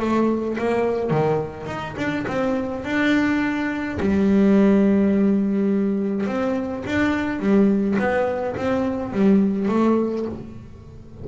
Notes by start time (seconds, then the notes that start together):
0.00 A3
0.58 A#3
1.11 D#3
1.67 D#4
1.97 D4
2.28 C4
2.84 D4
4.01 G3
6.27 C4
6.86 D4
7.40 G3
7.99 B3
8.57 C4
9.13 G3
9.69 A3